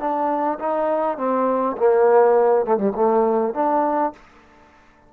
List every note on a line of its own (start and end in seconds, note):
0.00 0.59 D4
0.59 1.18 D#4
1.18 1.77 C4
1.78 2.66 A#3
2.66 2.78 A3
2.78 2.93 G3
2.95 3.54 A3
3.55 4.13 D4